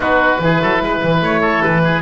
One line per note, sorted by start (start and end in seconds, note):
0.00 0.38 B3
0.00 0.39 D#4
0.00 0.41 F#4
0.00 1.21 B4
0.39 0.59 E3
0.39 2.01 E4
0.39 0.62 G#4
0.61 0.81 F#3
0.61 0.82 A4
0.81 1.02 G#3
0.81 1.40 B4
1.02 1.21 E3
1.21 1.62 A3
1.21 1.63 C#5
1.40 1.81 A4
1.63 2.01 E3
1.63 2.01 B4
1.83 2.01 G#4